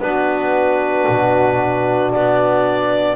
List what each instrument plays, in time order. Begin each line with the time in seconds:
0.00 double bass B3, trombone D4, saxophone F#4, clarinet B4
1.09 double bass B2
2.12 double bass B3, clarinet D5